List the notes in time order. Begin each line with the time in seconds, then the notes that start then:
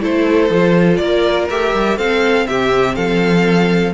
0.00 A3 E4 A4 C5
0.50 F3 F4
0.96 A#3 A#4 D5
1.49 A3 G4 E5
1.73 G3
1.97 C4 A4 F5
2.47 C3 G4 E5
2.95 F3 A4 F5